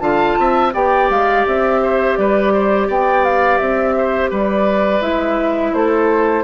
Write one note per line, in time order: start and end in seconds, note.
0.00 0.36 D3
0.00 0.72 F4
0.00 0.38 F5
0.00 0.71 A5
0.39 0.74 C4
0.39 0.74 E5
0.74 1.10 B3
0.74 5.02 G4
0.74 1.81 D5
0.74 1.10 G5
1.10 1.46 G#3
1.10 1.46 F5
1.47 2.18 C4
1.47 2.17 E5
1.83 2.18 C5
2.17 2.88 G3
2.17 2.53 B4
2.17 2.88 D5
2.53 2.88 C5
2.88 3.60 B3
2.88 3.95 D5
2.88 3.24 G5
3.24 3.58 F5
3.58 4.31 C4
3.58 4.29 E5
3.98 4.30 C5
4.30 5.01 G3
4.30 5.73 B4
4.30 5.02 D5
5.01 5.72 G#3
5.01 6.44 E4
5.01 5.74 E5
5.73 6.44 A3
5.73 6.44 A4
5.73 6.44 C5